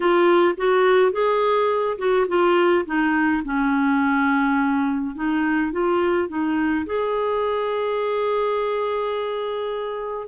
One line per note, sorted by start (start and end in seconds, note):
0.00 0.55 F4
0.57 1.11 F#4
1.11 1.97 G#4
1.98 2.26 F#4
2.28 2.85 F4
2.85 3.43 D#4
3.44 5.15 C#4
5.15 5.72 D#4
5.72 6.28 F4
6.28 6.85 D#4
6.85 10.27 G#4